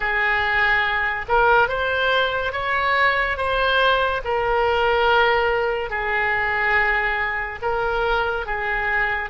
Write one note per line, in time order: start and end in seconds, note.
0.00 1.25 G#4
1.28 1.68 A#4
1.68 2.52 C5
2.52 3.36 C#5
3.36 4.21 C5
4.24 5.90 A#4
5.90 7.59 G#4
7.62 8.45 A#4
8.45 9.30 G#4